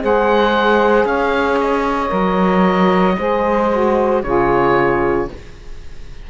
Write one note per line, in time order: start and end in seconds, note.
0.00 1.05 G#3
0.00 2.09 G#4
0.00 1.07 C5
0.00 1.06 F#5
1.05 2.11 C#4
1.05 3.18 C#5
1.05 1.59 F5
1.61 4.23 D#5
2.09 3.17 F#3
2.09 3.14 A#4
3.17 4.24 G#3
3.17 3.70 G#4
3.17 4.23 C5
3.72 4.24 F#4
4.23 5.29 C#3
4.23 5.30 F4
4.23 5.29 G#4
4.23 5.28 C#5